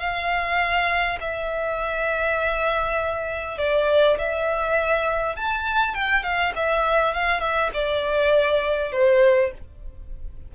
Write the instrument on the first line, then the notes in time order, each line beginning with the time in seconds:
violin
0.00 F5
1.21 E5
3.58 D5
4.19 E5
5.36 A5
5.95 G5
6.23 F5
6.56 E5
7.14 F5
7.41 E5
7.74 D5
8.92 C5